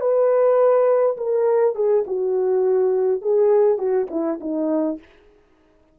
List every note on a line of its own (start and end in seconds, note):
0.00 1.17 B4
1.17 1.75 A#4
1.75 2.04 G#4
2.07 3.21 F#4
3.21 3.78 G#4
3.78 4.07 F#4
4.10 4.40 E4
4.40 4.98 D#4